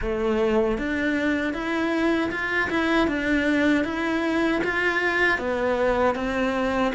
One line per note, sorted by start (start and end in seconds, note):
0.01 0.78 A3
0.78 1.53 D4
1.53 2.30 E4
2.31 2.69 F4
2.70 3.07 E4
3.07 3.84 D4
3.84 4.61 E4
4.64 5.38 F4
5.38 6.15 B3
6.15 6.92 C4